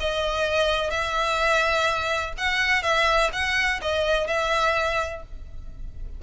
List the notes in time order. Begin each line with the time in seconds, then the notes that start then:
0.00 D#5
0.90 E5
2.37 F#5
2.83 E5
3.33 F#5
3.82 D#5
4.27 E5